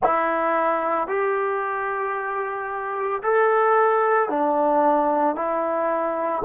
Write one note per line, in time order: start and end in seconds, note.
0.03 1.07 E4
1.07 3.21 G4
3.22 4.29 A4
4.29 5.35 D4
5.35 6.42 E4